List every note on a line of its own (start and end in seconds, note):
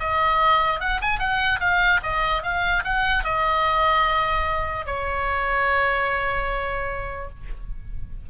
0.00 0.81 D#5
0.81 1.01 F#5
1.02 1.19 G#5
1.19 1.60 F#5
1.60 2.01 F5
2.03 2.43 D#5
2.43 2.84 F5
2.85 3.24 F#5
3.24 4.86 D#5
4.86 7.29 C#5